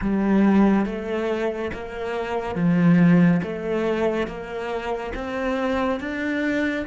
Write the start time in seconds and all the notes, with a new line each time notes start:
0.01 G3
0.85 A3
1.73 A#3
2.55 F3
3.42 A3
4.27 A#3
5.14 C4
6.00 D4